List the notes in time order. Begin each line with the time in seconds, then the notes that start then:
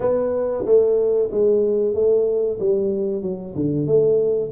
0.00 B3
0.65 A3
1.31 G#3
1.94 A3
2.59 G3
3.22 F#3
3.55 D3
3.87 A3